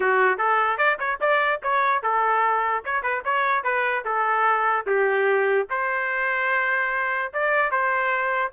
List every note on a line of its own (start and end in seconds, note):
0.00 0.38 F#4
0.38 0.77 A4
0.77 0.97 D5
0.99 1.19 C#5
1.20 1.61 D5
1.63 2.03 C#5
2.03 2.84 A4
2.84 3.03 C#5
3.03 3.23 B4
3.24 3.63 C#5
3.63 4.04 B4
4.04 4.86 A4
4.86 5.67 G4
5.70 7.32 C5
7.33 7.71 D5
7.71 8.52 C5